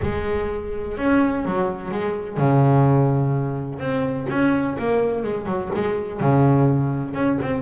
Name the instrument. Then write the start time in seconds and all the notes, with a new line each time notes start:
double bass
0.02 G#3
0.97 C#4
1.45 F#3
1.91 G#3
2.37 C#3
3.79 C4
4.29 C#4
4.78 A#3
5.23 G#3
5.46 F#3
5.74 G#3
6.20 C#3
7.14 C#4
7.41 C4